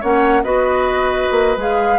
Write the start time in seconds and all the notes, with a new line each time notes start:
0.00 A#3 C#4 C#5 F#5
0.43 B3 F#4 B4 D#5
1.30 A#3
1.56 G#3 G#4 F5